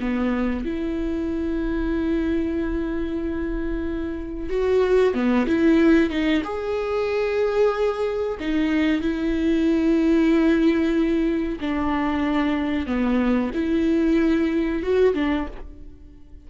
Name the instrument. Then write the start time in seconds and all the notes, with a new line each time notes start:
viola
0.00 B3
0.65 E4
4.50 F#4
5.14 B3
5.46 E4
6.10 D#4
6.44 G#4
8.40 D#4
9.01 E4
11.60 D4
12.86 B3
13.54 E4
14.82 F#4
15.14 D4